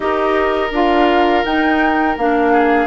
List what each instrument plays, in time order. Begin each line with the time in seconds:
0.00 bassoon D#4, clarinet G4, oboe A#4, flute D#5
0.71 bassoon D4, clarinet F4, flute F5
1.44 bassoon D#4, clarinet D#4, flute G5
2.17 bassoon A#3, clarinet D4, flute F5
2.52 oboe G#4